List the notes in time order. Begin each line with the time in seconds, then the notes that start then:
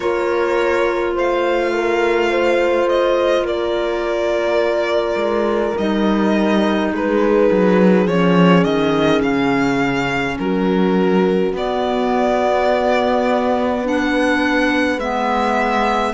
0.00 A#3 F4 A#4 C#5
1.15 A3 C5 F5
1.73 A#4
2.30 C5
2.88 D#5
3.41 A#3 A#4 D5
5.16 G#3
5.77 G3 D#4 D#5
6.92 G#3 G#4 B4
7.51 F#3
8.06 F3 C#4 C#5
8.63 D#3 D#5
9.21 C#3 F5
10.38 F#3 F#4 A#4
11.52 B3 D5
13.84 D4 B4 F#5
14.97 G#3 B3 E5